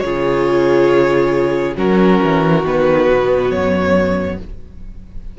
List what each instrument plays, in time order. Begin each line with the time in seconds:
0.00 cello C#3, viola F4, violin G#4 C#5
1.76 cello F#3, viola C#4, violin F#4 A#4
2.24 cello E3
2.64 cello D#3, viola B3, violin B4
3.08 cello B2
3.51 cello F#2, violin C#5